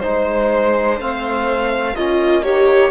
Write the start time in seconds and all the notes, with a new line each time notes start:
0.00 G#3 D#4 C5
0.99 A3 C4 F5
1.96 A#3 C#4 F4 D#5
2.43 D#4 G4 C#5